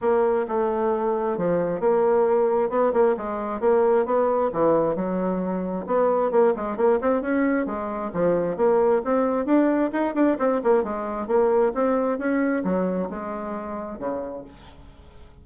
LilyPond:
\new Staff \with { instrumentName = "bassoon" } { \time 4/4 \tempo 4 = 133 ais4 a2 f4 | ais2 b8 ais8 gis4 | ais4 b4 e4 fis4~ | fis4 b4 ais8 gis8 ais8 c'8 |
cis'4 gis4 f4 ais4 | c'4 d'4 dis'8 d'8 c'8 ais8 | gis4 ais4 c'4 cis'4 | fis4 gis2 cis4 | }